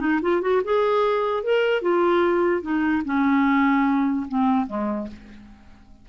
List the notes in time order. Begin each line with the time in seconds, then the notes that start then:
0.00 D#4
0.22 F4
0.41 F#4
0.64 G#4
1.44 A#4
1.82 F4
2.62 D#4
3.05 C#4
4.28 C4
4.67 G#3